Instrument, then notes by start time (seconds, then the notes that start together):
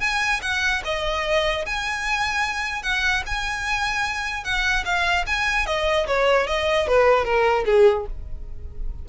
violin
0.00 G#5
0.42 F#5
0.84 D#5
1.65 G#5
2.82 F#5
3.26 G#5
4.44 F#5
4.85 F5
5.26 G#5
5.66 D#5
6.07 C#5
6.47 D#5
6.87 B4
7.24 A#4
7.65 G#4